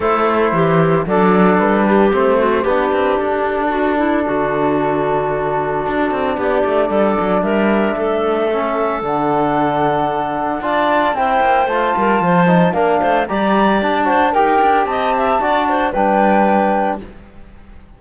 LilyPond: <<
  \new Staff \with { instrumentName = "flute" } { \time 4/4 \tempo 4 = 113 c''2 d''4 b'4 | c''4 b'4 a'2~ | a'1 | d''2 e''2~ |
e''4 fis''2. | a''4 g''4 a''2 | f''4 ais''4 a''4 g''4 | a''2 g''2 | }
  \new Staff \with { instrumentName = "clarinet" } { \time 4/4 a'4 g'4 a'4. g'8~ | g'8 fis'8 g'2 fis'8 e'8 | fis'1 | g'4 a'4 ais'4 a'4~ |
a'1 | d''4 c''4. ais'8 c''4 | ais'8 c''8 d''4. c''8 ais'4 | dis''8 e''8 d''8 c''8 b'2 | }
  \new Staff \with { instrumentName = "trombone" } { \time 4/4 e'2 d'2 | c'4 d'2.~ | d'1~ | d'1 |
cis'4 d'2. | f'4 e'4 f'4. dis'8 | d'4 g'4. fis'8 g'4~ | g'4 fis'4 d'2 | }
  \new Staff \with { instrumentName = "cello" } { \time 4/4 a4 e4 fis4 g4 | a4 b8 c'8 d'2 | d2. d'8 c'8 | b8 a8 g8 fis8 g4 a4~ |
a4 d2. | d'4 c'8 ais8 a8 g8 f4 | ais8 a8 g4 d'4 dis'8 d'8 | c'4 d'4 g2 | }
>>